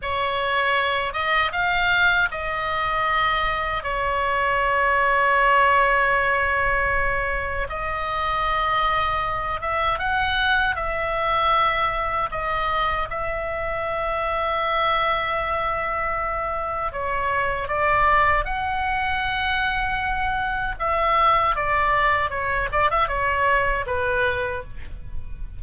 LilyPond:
\new Staff \with { instrumentName = "oboe" } { \time 4/4 \tempo 4 = 78 cis''4. dis''8 f''4 dis''4~ | dis''4 cis''2.~ | cis''2 dis''2~ | dis''8 e''8 fis''4 e''2 |
dis''4 e''2.~ | e''2 cis''4 d''4 | fis''2. e''4 | d''4 cis''8 d''16 e''16 cis''4 b'4 | }